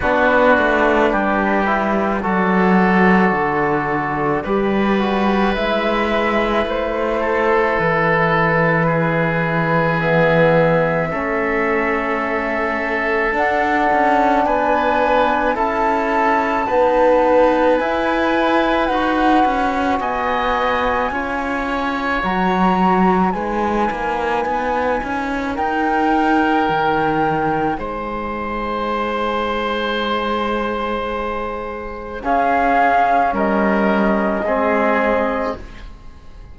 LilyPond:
<<
  \new Staff \with { instrumentName = "flute" } { \time 4/4 \tempo 4 = 54 b'2 d''2~ | d''4 e''4 c''4 b'4~ | b'4 e''2. | fis''4 gis''4 a''2 |
gis''4 fis''4 gis''2 | ais''4 gis''2 g''4~ | g''4 gis''2.~ | gis''4 f''4 dis''2 | }
  \new Staff \with { instrumentName = "oboe" } { \time 4/4 fis'4 g'4 a'2 | b'2~ b'8 a'4. | gis'2 a'2~ | a'4 b'4 a'4 b'4~ |
b'2 dis''4 cis''4~ | cis''4 b'2 ais'4~ | ais'4 c''2.~ | c''4 gis'4 ais'4 gis'4 | }
  \new Staff \with { instrumentName = "trombone" } { \time 4/4 d'4. e'8 fis'2 | g'8 fis'8 e'2.~ | e'4 b4 cis'2 | d'2 e'4 b4 |
e'4 fis'2 f'4 | fis'4 dis'2.~ | dis'1~ | dis'4 cis'2 c'4 | }
  \new Staff \with { instrumentName = "cello" } { \time 4/4 b8 a8 g4 fis4 d4 | g4 gis4 a4 e4~ | e2 a2 | d'8 cis'8 b4 cis'4 dis'4 |
e'4 dis'8 cis'8 b4 cis'4 | fis4 gis8 ais8 b8 cis'8 dis'4 | dis4 gis2.~ | gis4 cis'4 g4 gis4 | }
>>